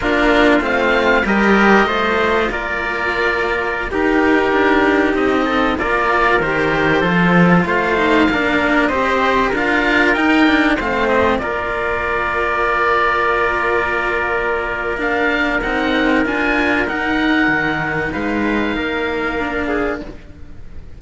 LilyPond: <<
  \new Staff \with { instrumentName = "oboe" } { \time 4/4 \tempo 4 = 96 ais'4 f''4 dis''2 | d''2~ d''16 ais'4.~ ais'16~ | ais'16 dis''4 d''4 c''4.~ c''16~ | c''16 f''2 dis''4 f''8.~ |
f''16 g''4 f''8 dis''8 d''4.~ d''16~ | d''1 | f''4 fis''4 gis''4 fis''4~ | fis''4 f''2. | }
  \new Staff \with { instrumentName = "trumpet" } { \time 4/4 f'2 ais'4 c''4 | ais'2~ ais'16 g'4.~ g'16~ | g'8. a'8 ais'2 a'8.~ | a'16 c''4 ais'4 c''4 ais'8.~ |
ais'4~ ais'16 c''4 ais'4.~ ais'16~ | ais'1~ | ais'1~ | ais'4 b'4 ais'4. gis'8 | }
  \new Staff \with { instrumentName = "cello" } { \time 4/4 d'4 c'4 g'4 f'4~ | f'2~ f'16 dis'4.~ dis'16~ | dis'4~ dis'16 f'4 g'4 f'8.~ | f'8. dis'8 d'4 g'4 f'8.~ |
f'16 dis'8 d'8 c'4 f'4.~ f'16~ | f'1 | d'4 dis'4 f'4 dis'4~ | dis'2. d'4 | }
  \new Staff \with { instrumentName = "cello" } { \time 4/4 ais4 a4 g4 a4 | ais2~ ais16 dis'4 d'8.~ | d'16 c'4 ais4 dis4 f8.~ | f16 a4 ais4 c'4 d'8.~ |
d'16 dis'4 a4 ais4.~ ais16~ | ais1~ | ais4 c'4 d'4 dis'4 | dis4 gis4 ais2 | }
>>